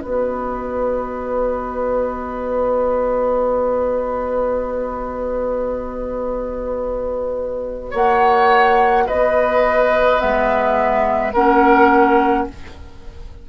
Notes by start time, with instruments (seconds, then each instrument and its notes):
0.00 bassoon B3, clarinet F#4, oboe B4, flute D#5
7.90 bassoon A#3, oboe C#5, flute F#5
9.06 bassoon B3, oboe B4, flute D#5
10.18 bassoon G#3, clarinet B3, flute E5
11.33 bassoon A#3, clarinet C#4, oboe A#4, flute F#5